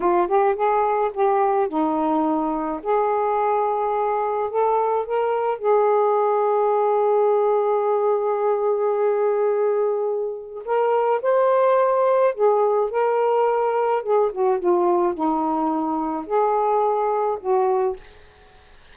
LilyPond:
\new Staff \with { instrumentName = "saxophone" } { \time 4/4 \tempo 4 = 107 f'8 g'8 gis'4 g'4 dis'4~ | dis'4 gis'2. | a'4 ais'4 gis'2~ | gis'1~ |
gis'2. ais'4 | c''2 gis'4 ais'4~ | ais'4 gis'8 fis'8 f'4 dis'4~ | dis'4 gis'2 fis'4 | }